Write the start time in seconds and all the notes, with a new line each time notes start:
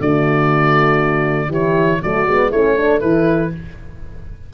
0.00 D3 A3 F#4 D5
1.49 E3 E4 G4 C#5
2.03 F#3 A3 F#4 D5
2.27 G#3 B3
2.51 A3 C#4 E4 C#5
2.77 D4 A4
3.01 E3 E4 B4